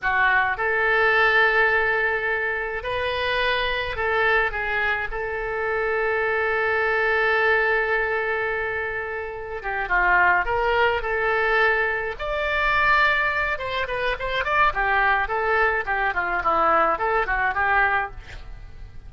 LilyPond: \new Staff \with { instrumentName = "oboe" } { \time 4/4 \tempo 4 = 106 fis'4 a'2.~ | a'4 b'2 a'4 | gis'4 a'2.~ | a'1~ |
a'4 g'8 f'4 ais'4 a'8~ | a'4. d''2~ d''8 | c''8 b'8 c''8 d''8 g'4 a'4 | g'8 f'8 e'4 a'8 fis'8 g'4 | }